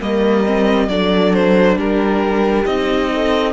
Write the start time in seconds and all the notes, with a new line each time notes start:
0.00 G3 A#3 A#4 D#5
0.46 C4
0.88 F#3 D4 A4 D5
1.33 C5
1.77 G3 G4 A#4
2.66 C4 D#4 D#5
3.13 A4